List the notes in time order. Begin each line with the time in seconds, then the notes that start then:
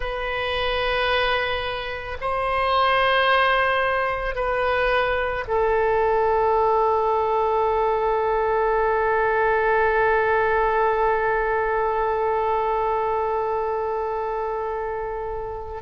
0.00 B4
2.20 C5
4.35 B4
5.47 A4